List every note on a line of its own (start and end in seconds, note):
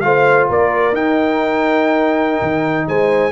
0.00 0.49 A3
0.00 0.93 F4
0.00 0.48 C5
0.00 0.45 F5
0.48 0.92 A#3
0.48 2.87 A#4
0.48 0.95 D5
0.92 2.40 D#4
0.92 3.32 D#4
0.92 2.88 G5
2.41 2.86 D#3
2.87 3.32 G#3
2.87 3.32 C5
2.87 3.32 G#5